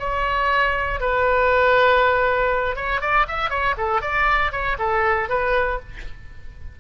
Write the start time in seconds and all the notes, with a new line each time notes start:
0.00 C#5
1.01 B4
2.76 C#5
3.01 D5
3.28 E5
3.50 C#5
3.78 A4
4.02 D5
4.52 C#5
4.79 A4
5.30 B4